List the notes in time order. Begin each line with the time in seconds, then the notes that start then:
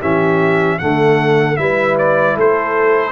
0.00 E3 C#4 G4 E5
0.79 D3 A3 A4 F#5
1.57 G3 E4 B4 E5
1.99 D5
2.36 A3 A4 C5